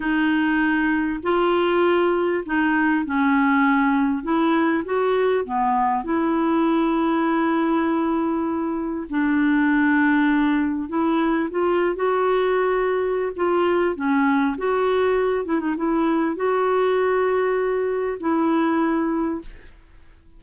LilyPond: \new Staff \with { instrumentName = "clarinet" } { \time 4/4 \tempo 4 = 99 dis'2 f'2 | dis'4 cis'2 e'4 | fis'4 b4 e'2~ | e'2. d'4~ |
d'2 e'4 f'8. fis'16~ | fis'2 f'4 cis'4 | fis'4. e'16 dis'16 e'4 fis'4~ | fis'2 e'2 | }